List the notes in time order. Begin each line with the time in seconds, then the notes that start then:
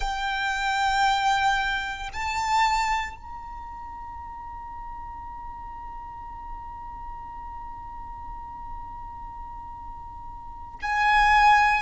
0.00 G5
2.13 A5
3.16 A#5
10.82 G#5